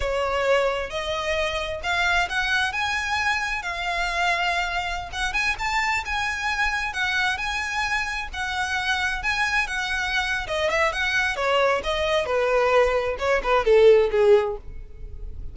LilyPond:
\new Staff \with { instrumentName = "violin" } { \time 4/4 \tempo 4 = 132 cis''2 dis''2 | f''4 fis''4 gis''2 | f''2.~ f''16 fis''8 gis''16~ | gis''16 a''4 gis''2 fis''8.~ |
fis''16 gis''2 fis''4.~ fis''16~ | fis''16 gis''4 fis''4.~ fis''16 dis''8 e''8 | fis''4 cis''4 dis''4 b'4~ | b'4 cis''8 b'8 a'4 gis'4 | }